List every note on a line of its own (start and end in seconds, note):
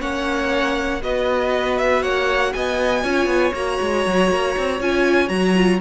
0.00 1.03 A#3
0.00 1.01 C#4
0.00 1.01 C#5
0.00 1.02 F#5
1.02 2.03 B3
1.02 3.03 F#4
1.02 2.03 B4
1.02 1.78 D#5
1.78 2.03 E5
2.03 2.53 A#3
2.03 2.53 C#5
2.03 2.53 F#5
2.53 3.04 B3
2.53 3.04 D#5
2.53 3.54 G#5
3.03 3.26 C#4
3.03 3.53 F4
3.03 5.81 C#5
3.26 3.52 B3
3.54 3.79 A#3
3.54 4.81 F#4
3.54 4.81 A#5
3.81 4.06 G#3
4.06 4.31 F#3
4.31 4.56 A#3
4.57 4.80 C4
4.80 5.29 C#4
4.80 5.28 F4
4.80 5.29 G#5
5.28 5.80 F#3
5.28 5.53 F#4
5.28 5.79 A#5
5.55 5.80 F4